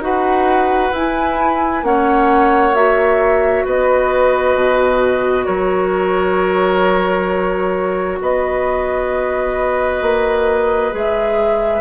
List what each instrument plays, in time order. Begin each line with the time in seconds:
0.00 bassoon D#4, clarinet F#4, oboe B4, flute F#5
0.92 bassoon E4, clarinet E4, flute G#5
1.83 bassoon A#3, clarinet C#4, oboe C#5, flute F#5
2.74 clarinet F#4, flute E5
3.65 bassoon B3, oboe B4, flute D#5
4.55 bassoon B2
5.46 bassoon F#3, oboe A#4, flute C#5
8.21 bassoon B3, oboe B4, flute D#5
10.02 bassoon A#3
10.92 bassoon G#3, clarinet G#4, flute E5